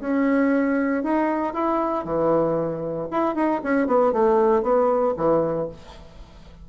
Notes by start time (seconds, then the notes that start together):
0.00 C#4
1.03 D#4
1.53 E4
2.05 E3
3.11 E4
3.35 D#4
3.63 C#4
3.87 B3
4.12 A3
4.62 B3
5.17 E3